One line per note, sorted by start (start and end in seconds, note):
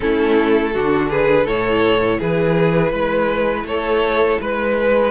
0.00 0.75 A3
0.00 0.72 C#4
0.00 0.73 E4
0.00 1.08 A4
0.73 1.46 D3
0.73 1.47 D4
0.73 1.09 F#4
1.09 1.44 G#4
1.09 1.47 B4
1.44 2.19 A2
1.44 5.11 E4
1.44 2.17 A4
1.44 2.20 C#5
2.19 2.93 E3
2.19 2.91 G#4
2.19 3.66 B4
2.91 3.64 G#3
2.91 3.64 B4
3.64 4.37 A3
3.64 4.40 A4
3.64 4.40 C#5
4.40 5.11 G#3
4.40 5.11 B4